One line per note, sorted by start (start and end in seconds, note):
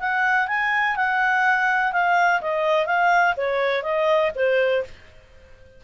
0.00 0.48 F#5
0.48 0.96 G#5
0.96 1.93 F#5
1.93 2.41 F5
2.41 2.86 D#5
2.86 3.35 F5
3.37 3.83 C#5
3.83 4.32 D#5
4.35 4.84 C5